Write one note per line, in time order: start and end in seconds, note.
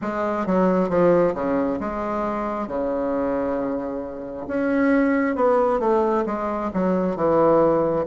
0.01 0.46 G#3
0.46 0.89 F#3
0.89 1.34 F3
1.34 1.79 C#3
1.80 2.67 G#3
2.67 4.47 C#3
4.47 5.35 C#4
5.35 5.79 B3
5.79 6.24 A3
6.26 6.70 G#3
6.73 7.16 F#3
7.16 8.05 E3